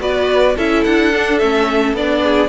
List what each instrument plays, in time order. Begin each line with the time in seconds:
0.00 cello B3, viola F#4, violin B4 D5
0.56 cello C#4, viola E4, violin A4 E5
0.84 cello D4, violin F#5
1.13 viola D4
1.39 cello A3, viola C#4, violin E5
1.94 cello B3, viola D4, violin D5
2.23 violin G#4